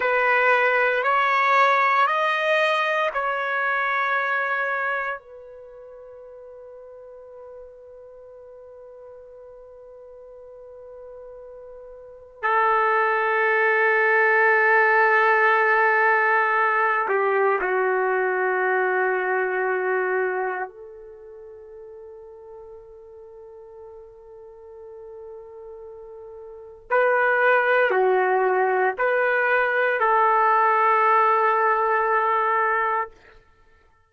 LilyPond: \new Staff \with { instrumentName = "trumpet" } { \time 4/4 \tempo 4 = 58 b'4 cis''4 dis''4 cis''4~ | cis''4 b'2.~ | b'1 | a'1~ |
a'8 g'8 fis'2. | a'1~ | a'2 b'4 fis'4 | b'4 a'2. | }